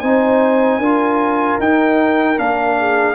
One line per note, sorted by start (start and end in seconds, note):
0.00 0.78 C4
0.00 0.82 D#4
0.00 0.79 C5
0.00 1.58 G#5
0.78 1.57 D4
0.78 1.61 F4
0.78 2.76 A#4
1.58 2.37 D#4
1.58 2.38 G5
2.37 3.14 A#3
2.37 3.14 D4
2.37 3.14 F5
2.79 3.14 G#4